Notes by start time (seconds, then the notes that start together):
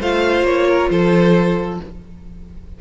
0.00 A3 F4 C5 F5
0.43 A#3 C#5
0.67 A#4
0.90 F3 A4 C5